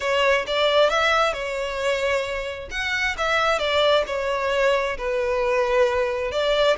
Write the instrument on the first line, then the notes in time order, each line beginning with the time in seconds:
violin
0.00 C#5
0.46 D5
0.89 E5
1.33 C#5
2.70 F#5
3.17 E5
3.58 D5
4.07 C#5
4.97 B4
6.31 D5